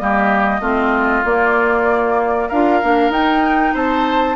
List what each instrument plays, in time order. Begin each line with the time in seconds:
0.00 bassoon G3, clarinet A#3, oboe G4, flute D#5
0.60 bassoon A3, clarinet C4, oboe F4
1.25 bassoon A#3, clarinet A#3, flute D5
2.49 bassoon D4, clarinet F4, oboe A#4, flute F5
2.83 bassoon A#3, clarinet D4
3.10 bassoon D#4, clarinet D#4, flute G5
3.74 bassoon C4, oboe C5, flute A5